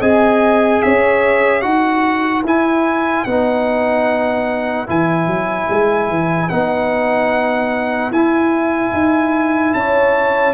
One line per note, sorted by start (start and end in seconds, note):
0.00 0.81 C4
0.00 1.62 G#4
0.00 0.82 D#5
0.00 0.82 G#5
0.82 1.64 C#4
0.82 1.65 C#5
0.82 1.61 E5
1.61 2.44 D#4
1.61 2.43 F#4
1.61 9.76 B4
1.61 2.42 F#5
2.44 3.25 E4
2.44 3.27 E4
2.44 3.24 G#5
3.24 4.88 B3
3.24 4.86 D#4
3.24 4.86 F#5
4.86 5.27 E3
4.86 6.49 E4
4.86 6.49 G#5
5.27 5.67 F#3
5.69 6.09 G#3
6.09 6.50 E3
6.49 8.11 B3
6.49 8.12 D#4
6.49 8.11 F#5
8.11 8.92 E4
8.11 10.53 E4
8.11 9.73 G#5
8.92 9.73 D#4
9.73 10.53 C#4
9.73 10.53 C#5
9.73 10.53 A5